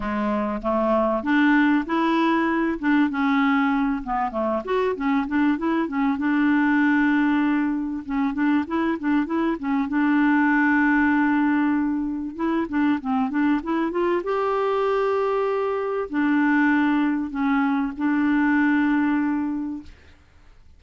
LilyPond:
\new Staff \with { instrumentName = "clarinet" } { \time 4/4 \tempo 4 = 97 gis4 a4 d'4 e'4~ | e'8 d'8 cis'4. b8 a8 fis'8 | cis'8 d'8 e'8 cis'8 d'2~ | d'4 cis'8 d'8 e'8 d'8 e'8 cis'8 |
d'1 | e'8 d'8 c'8 d'8 e'8 f'8 g'4~ | g'2 d'2 | cis'4 d'2. | }